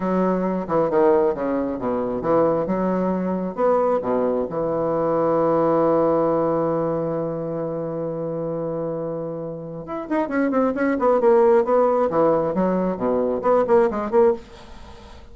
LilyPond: \new Staff \with { instrumentName = "bassoon" } { \time 4/4 \tempo 4 = 134 fis4. e8 dis4 cis4 | b,4 e4 fis2 | b4 b,4 e2~ | e1~ |
e1~ | e2 e'8 dis'8 cis'8 c'8 | cis'8 b8 ais4 b4 e4 | fis4 b,4 b8 ais8 gis8 ais8 | }